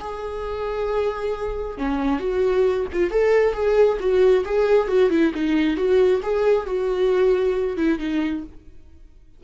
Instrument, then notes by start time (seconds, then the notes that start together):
viola
0.00 G#4
1.78 C#4
2.19 F#4
2.93 F4
3.11 A4
3.53 G#4
4.00 F#4
4.45 G#4
4.88 F#4
5.10 E4
5.34 D#4
5.77 F#4
6.22 G#4
6.66 F#4
7.77 E4
7.98 D#4